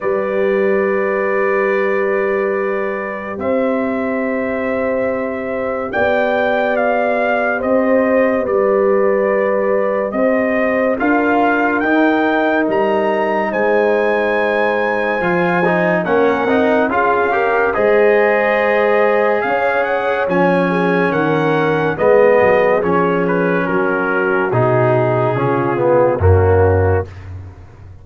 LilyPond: <<
  \new Staff \with { instrumentName = "trumpet" } { \time 4/4 \tempo 4 = 71 d''1 | e''2. g''4 | f''4 dis''4 d''2 | dis''4 f''4 g''4 ais''4 |
gis''2. fis''4 | f''4 dis''2 f''8 fis''8 | gis''4 fis''4 dis''4 cis''8 b'8 | ais'4 gis'2 fis'4 | }
  \new Staff \with { instrumentName = "horn" } { \time 4/4 b'1 | c''2. d''4~ | d''4 c''4 b'2 | c''4 ais'2. |
c''2. ais'4 | gis'8 ais'8 c''2 cis''4~ | cis''8 gis'8 ais'4 gis'2 | fis'2 f'4 cis'4 | }
  \new Staff \with { instrumentName = "trombone" } { \time 4/4 g'1~ | g'1~ | g'1~ | g'4 f'4 dis'2~ |
dis'2 f'8 dis'8 cis'8 dis'8 | f'8 g'8 gis'2. | cis'2 b4 cis'4~ | cis'4 dis'4 cis'8 b8 ais4 | }
  \new Staff \with { instrumentName = "tuba" } { \time 4/4 g1 | c'2. b4~ | b4 c'4 g2 | c'4 d'4 dis'4 g4 |
gis2 f4 ais8 c'8 | cis'4 gis2 cis'4 | f4 dis4 gis8 fis8 f4 | fis4 b,4 cis4 fis,4 | }
>>